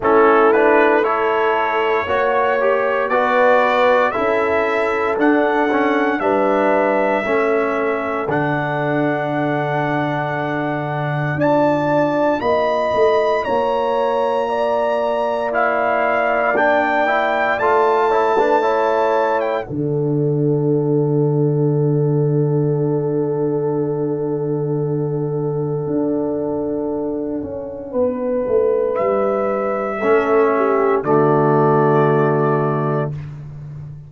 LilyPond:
<<
  \new Staff \with { instrumentName = "trumpet" } { \time 4/4 \tempo 4 = 58 a'8 b'8 cis''2 d''4 | e''4 fis''4 e''2 | fis''2. a''4 | b''4 ais''2 f''4 |
g''4 a''4.~ a''16 g''16 fis''4~ | fis''1~ | fis''1 | e''2 d''2 | }
  \new Staff \with { instrumentName = "horn" } { \time 4/4 e'4 a'4 cis''4 b'4 | a'2 b'4 a'4~ | a'2. d''4 | dis''4 cis''4 d''2~ |
d''4. cis''16 b'16 cis''4 a'4~ | a'1~ | a'2. b'4~ | b'4 a'8 g'8 fis'2 | }
  \new Staff \with { instrumentName = "trombone" } { \time 4/4 cis'8 d'8 e'4 fis'8 g'8 fis'4 | e'4 d'8 cis'8 d'4 cis'4 | d'2. f'4~ | f'2. e'4 |
d'8 e'8 f'8 e'16 d'16 e'4 d'4~ | d'1~ | d'1~ | d'4 cis'4 a2 | }
  \new Staff \with { instrumentName = "tuba" } { \time 4/4 a2 ais4 b4 | cis'4 d'4 g4 a4 | d2. d'4 | ais8 a8 ais2.~ |
ais4 a2 d4~ | d1~ | d4 d'4. cis'8 b8 a8 | g4 a4 d2 | }
>>